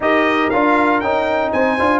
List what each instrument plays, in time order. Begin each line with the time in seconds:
0.00 tuba D#4, trombone G4, horn A#4, trumpet D#5
0.49 tuba D4, trombone F4, trumpet F5
1.00 tuba C#4, trombone D#4, trumpet G5
1.52 tuba C4, horn C5, trumpet G#5
1.79 tuba D4, trombone F4